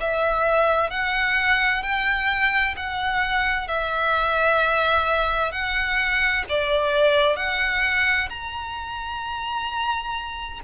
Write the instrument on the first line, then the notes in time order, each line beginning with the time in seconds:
violin
0.00 E5
0.90 F#5
1.83 G5
2.77 F#5
3.68 E5
5.52 F#5
6.49 D5
7.36 F#5
8.29 A#5